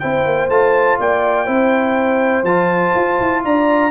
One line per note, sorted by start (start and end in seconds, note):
0.00 0.26 C4
0.00 0.51 E4
0.00 1.00 C5
0.00 0.49 G5
0.26 0.49 A#3
0.49 0.98 A3
0.49 1.46 F4
0.49 0.99 A5
1.00 1.48 A#3
1.00 1.46 D5
1.00 2.45 G5
1.46 2.43 C4
1.46 2.45 E4
1.46 3.43 C5
2.43 2.93 F3
2.43 3.91 F4
2.43 3.43 A5
2.95 3.20 F4
3.20 3.45 E4
3.45 3.91 D4
3.45 3.91 D5
3.45 3.91 A#5